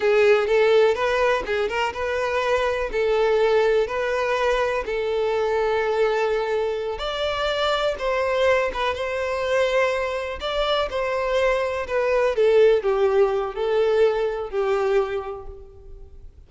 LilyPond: \new Staff \with { instrumentName = "violin" } { \time 4/4 \tempo 4 = 124 gis'4 a'4 b'4 gis'8 ais'8 | b'2 a'2 | b'2 a'2~ | a'2~ a'8 d''4.~ |
d''8 c''4. b'8 c''4.~ | c''4. d''4 c''4.~ | c''8 b'4 a'4 g'4. | a'2 g'2 | }